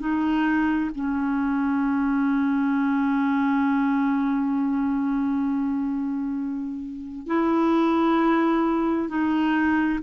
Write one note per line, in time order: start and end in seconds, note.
0.00 0.91 D#4
0.95 7.27 C#4
7.27 9.09 E4
9.09 10.00 D#4